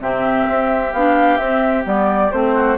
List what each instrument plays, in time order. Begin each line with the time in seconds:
0.00 bassoon C3, clarinet C4, oboe G4, flute E5
0.49 bassoon C4
0.93 bassoon B3, clarinet D4, flute F5
1.38 bassoon C4, clarinet C4, flute E5
1.84 bassoon G3, clarinet B3, flute D5
2.32 bassoon A3, clarinet C4, flute C5
2.55 oboe F#4